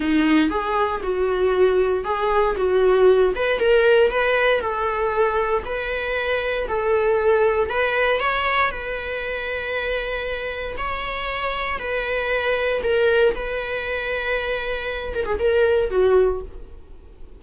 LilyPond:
\new Staff \with { instrumentName = "viola" } { \time 4/4 \tempo 4 = 117 dis'4 gis'4 fis'2 | gis'4 fis'4. b'8 ais'4 | b'4 a'2 b'4~ | b'4 a'2 b'4 |
cis''4 b'2.~ | b'4 cis''2 b'4~ | b'4 ais'4 b'2~ | b'4. ais'16 gis'16 ais'4 fis'4 | }